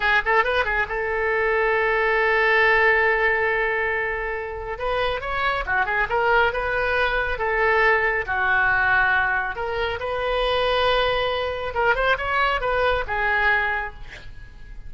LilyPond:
\new Staff \with { instrumentName = "oboe" } { \time 4/4 \tempo 4 = 138 gis'8 a'8 b'8 gis'8 a'2~ | a'1~ | a'2. b'4 | cis''4 fis'8 gis'8 ais'4 b'4~ |
b'4 a'2 fis'4~ | fis'2 ais'4 b'4~ | b'2. ais'8 c''8 | cis''4 b'4 gis'2 | }